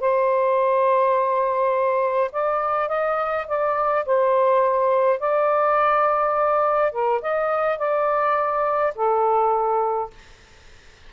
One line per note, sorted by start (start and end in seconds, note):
0.00 2.31 C5
2.32 2.89 D5
2.89 3.46 D#5
3.48 4.05 D5
4.06 5.20 C5
5.20 6.92 D5
6.92 7.21 A#4
7.22 7.78 D#5
7.78 8.94 D5
8.95 10.11 A4